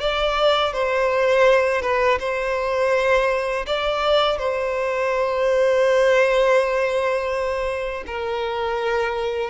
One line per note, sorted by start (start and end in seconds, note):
0.00 0.73 D5
0.73 1.82 C5
1.82 2.19 B4
2.20 3.66 C5
3.66 4.38 D5
4.38 8.04 C5
8.06 9.50 A#4